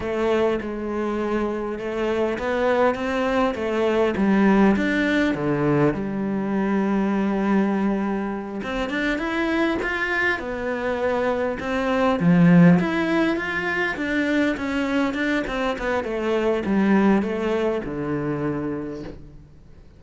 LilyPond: \new Staff \with { instrumentName = "cello" } { \time 4/4 \tempo 4 = 101 a4 gis2 a4 | b4 c'4 a4 g4 | d'4 d4 g2~ | g2~ g8 c'8 d'8 e'8~ |
e'8 f'4 b2 c'8~ | c'8 f4 e'4 f'4 d'8~ | d'8 cis'4 d'8 c'8 b8 a4 | g4 a4 d2 | }